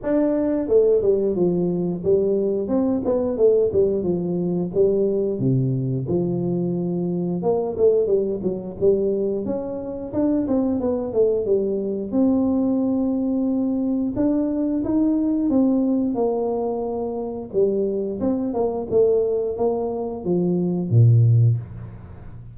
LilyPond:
\new Staff \with { instrumentName = "tuba" } { \time 4/4 \tempo 4 = 89 d'4 a8 g8 f4 g4 | c'8 b8 a8 g8 f4 g4 | c4 f2 ais8 a8 | g8 fis8 g4 cis'4 d'8 c'8 |
b8 a8 g4 c'2~ | c'4 d'4 dis'4 c'4 | ais2 g4 c'8 ais8 | a4 ais4 f4 ais,4 | }